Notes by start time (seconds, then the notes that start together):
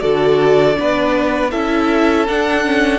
0.00 D3 F#4 A4 D5
0.74 B3 D4 B4
1.51 C#4 E4 A4 E5
2.28 D4 F#5
2.64 C#4